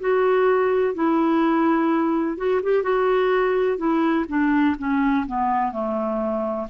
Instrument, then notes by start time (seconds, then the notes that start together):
clarinet
0.00 F#4
0.94 E4
2.37 F#4
2.62 G4
2.83 F#4
3.77 E4
4.28 D4
4.78 C#4
5.27 B3
5.72 A3